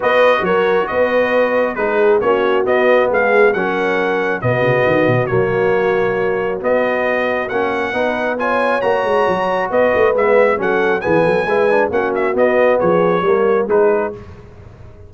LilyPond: <<
  \new Staff \with { instrumentName = "trumpet" } { \time 4/4 \tempo 4 = 136 dis''4 cis''4 dis''2 | b'4 cis''4 dis''4 f''4 | fis''2 dis''2 | cis''2. dis''4~ |
dis''4 fis''2 gis''4 | ais''2 dis''4 e''4 | fis''4 gis''2 fis''8 e''8 | dis''4 cis''2 b'4 | }
  \new Staff \with { instrumentName = "horn" } { \time 4/4 b'4 ais'4 b'2 | gis'4 fis'2 gis'4 | ais'2 fis'2~ | fis'1~ |
fis'2 b'4 cis''4~ | cis''2 b'2 | a'4 gis'8 a'8 b'4 fis'4~ | fis'4 gis'4 ais'4 gis'4 | }
  \new Staff \with { instrumentName = "trombone" } { \time 4/4 fis'1 | dis'4 cis'4 b2 | cis'2 b2 | ais2. b4~ |
b4 cis'4 dis'4 f'4 | fis'2. b4 | cis'4 b4 e'8 d'8 cis'4 | b2 ais4 dis'4 | }
  \new Staff \with { instrumentName = "tuba" } { \time 4/4 b4 fis4 b2 | gis4 ais4 b4 gis4 | fis2 b,8 cis8 dis8 b,8 | fis2. b4~ |
b4 ais4 b2 | ais8 gis8 fis4 b8 a8 gis4 | fis4 e8 fis8 gis4 ais4 | b4 f4 g4 gis4 | }
>>